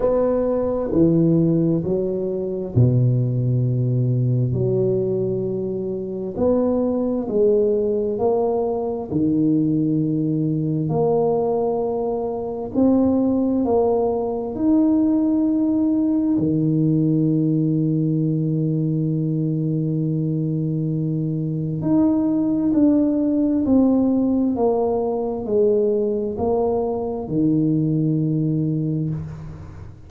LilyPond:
\new Staff \with { instrumentName = "tuba" } { \time 4/4 \tempo 4 = 66 b4 e4 fis4 b,4~ | b,4 fis2 b4 | gis4 ais4 dis2 | ais2 c'4 ais4 |
dis'2 dis2~ | dis1 | dis'4 d'4 c'4 ais4 | gis4 ais4 dis2 | }